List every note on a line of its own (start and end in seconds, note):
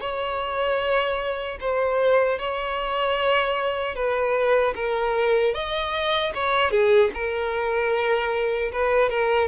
0.00 1.58 C#5
1.60 2.38 C5
2.38 3.95 C#5
3.95 4.74 B4
4.75 5.54 A#4
5.54 6.33 D#5
6.34 6.71 C#5
6.71 7.10 G#4
7.14 8.72 A#4
8.72 9.09 B4
9.09 9.48 A#4